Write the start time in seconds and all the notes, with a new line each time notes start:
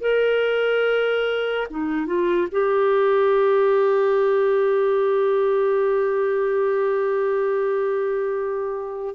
0.00 A#4
1.70 D#4
2.06 F4
2.51 G4